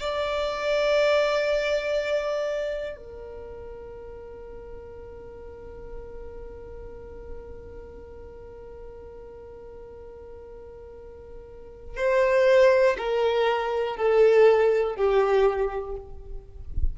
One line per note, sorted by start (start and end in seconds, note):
0.00 2.97 D5
2.97 11.97 A#4
11.97 12.97 C5
12.98 13.97 A#4
13.97 14.96 A4
14.96 15.96 G4